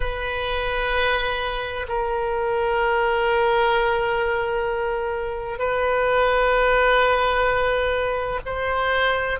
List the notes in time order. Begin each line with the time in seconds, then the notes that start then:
0.00 B4
1.88 A#4
5.58 B4
8.45 C5